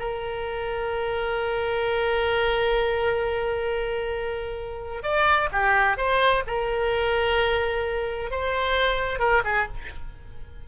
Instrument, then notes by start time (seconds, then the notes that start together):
oboe
0.00 A#4
5.03 D5
5.52 G4
5.98 C5
6.47 A#4
8.31 C5
9.20 A#4
9.45 G#4